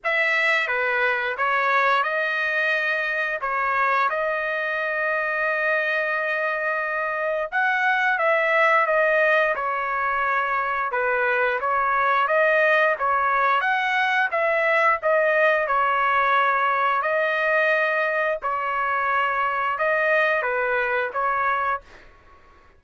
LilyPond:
\new Staff \with { instrumentName = "trumpet" } { \time 4/4 \tempo 4 = 88 e''4 b'4 cis''4 dis''4~ | dis''4 cis''4 dis''2~ | dis''2. fis''4 | e''4 dis''4 cis''2 |
b'4 cis''4 dis''4 cis''4 | fis''4 e''4 dis''4 cis''4~ | cis''4 dis''2 cis''4~ | cis''4 dis''4 b'4 cis''4 | }